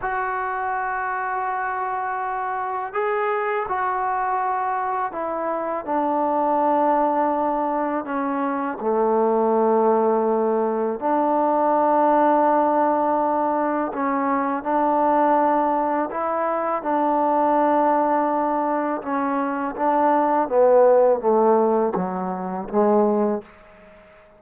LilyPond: \new Staff \with { instrumentName = "trombone" } { \time 4/4 \tempo 4 = 82 fis'1 | gis'4 fis'2 e'4 | d'2. cis'4 | a2. d'4~ |
d'2. cis'4 | d'2 e'4 d'4~ | d'2 cis'4 d'4 | b4 a4 fis4 gis4 | }